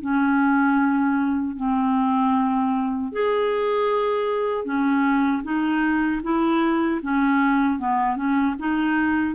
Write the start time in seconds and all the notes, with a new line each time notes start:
0.00 C#4
1.56 C4
3.12 G#4
4.64 C#4
5.43 D#4
6.23 E4
7.02 C#4
7.79 B3
8.16 C#4
8.59 D#4